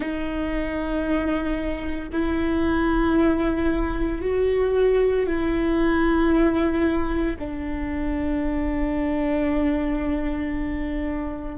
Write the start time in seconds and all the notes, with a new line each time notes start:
0.00 D#4
2.12 E4
4.21 F#4
5.26 E4
7.38 D4